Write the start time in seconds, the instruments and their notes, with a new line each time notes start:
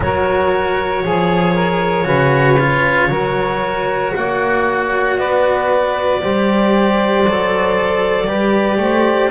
0.00 double bass F#3, cello F#4, saxophone A#4, clarinet C#5
1.04 double bass F3, saxophone G#4, cello G#4
1.53 saxophone A#4
2.04 double bass C#3, cello F#4, saxophone B4
2.59 cello F4
3.09 double bass F#3, cello F#4, saxophone A#4
4.14 double bass A#3, saxophone C#5, clarinet F#5
5.18 double bass B3, saxophone B4, clarinet D5
6.21 double bass G3, cello G4, saxophone C5
7.25 double bass F#3, cello A4
8.26 double bass G3, cello G4, saxophone B4
8.77 double bass A3, saxophone C5